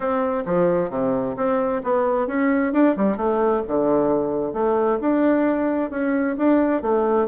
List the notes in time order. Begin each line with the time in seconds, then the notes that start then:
0.00 C4
0.45 F3
0.90 C3
1.36 C4
1.83 B3
2.27 C#4
2.73 D4
2.96 G3
3.17 A3
3.67 D3
4.53 A3
5.01 D4
5.90 C#4
6.37 D4
6.82 A3